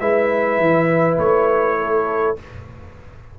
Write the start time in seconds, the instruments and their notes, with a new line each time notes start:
0.00 tuba G#3, trombone E4, horn B4, trumpet E5
0.59 tuba E3
1.18 tuba A3, trumpet C#5
1.80 horn A4